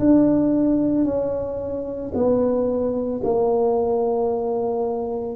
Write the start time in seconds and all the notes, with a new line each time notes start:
0.00 D4
1.05 C#4
2.15 B3
3.24 A#3